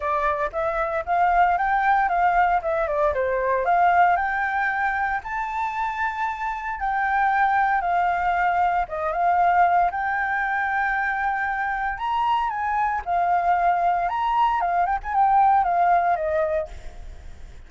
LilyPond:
\new Staff \with { instrumentName = "flute" } { \time 4/4 \tempo 4 = 115 d''4 e''4 f''4 g''4 | f''4 e''8 d''8 c''4 f''4 | g''2 a''2~ | a''4 g''2 f''4~ |
f''4 dis''8 f''4. g''4~ | g''2. ais''4 | gis''4 f''2 ais''4 | f''8 g''16 gis''16 g''4 f''4 dis''4 | }